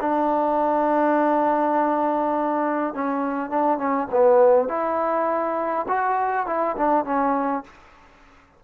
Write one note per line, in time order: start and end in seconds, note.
0.00 2.94 D4
2.94 3.50 C#4
3.50 3.78 D4
3.78 4.07 C#4
4.11 4.68 B3
4.68 5.86 E4
5.88 6.47 F#4
6.47 6.76 E4
6.76 7.05 D4
7.05 7.63 C#4